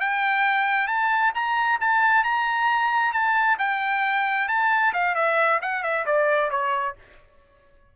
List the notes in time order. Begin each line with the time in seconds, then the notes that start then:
0.00 G5
0.87 A5
1.34 A#5
1.80 A5
2.24 A#5
3.13 A5
3.58 G5
4.48 A5
4.93 F5
5.15 E5
5.62 F#5
5.83 E5
6.06 D5
6.50 C#5